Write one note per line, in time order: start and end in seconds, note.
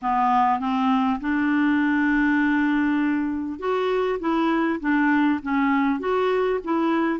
0.01 0.59 B3
0.59 1.19 C4
1.20 3.59 D4
3.59 4.19 F#4
4.19 4.79 E4
4.80 5.40 D4
5.42 5.99 C#4
5.99 6.59 F#4
6.64 7.19 E4